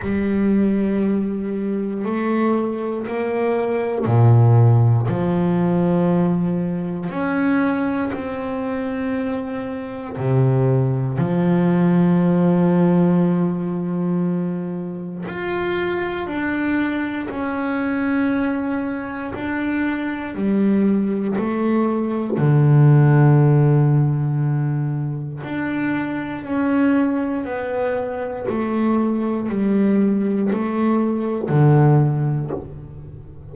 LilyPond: \new Staff \with { instrumentName = "double bass" } { \time 4/4 \tempo 4 = 59 g2 a4 ais4 | ais,4 f2 cis'4 | c'2 c4 f4~ | f2. f'4 |
d'4 cis'2 d'4 | g4 a4 d2~ | d4 d'4 cis'4 b4 | a4 g4 a4 d4 | }